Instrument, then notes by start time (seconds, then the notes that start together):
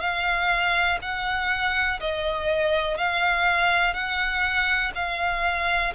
violin
0.00 F5
1.01 F#5
2.00 D#5
2.97 F5
3.93 F#5
4.94 F5